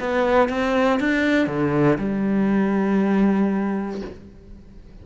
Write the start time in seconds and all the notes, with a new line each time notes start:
0.00 B3
0.49 C4
1.00 D4
1.47 D3
1.98 G3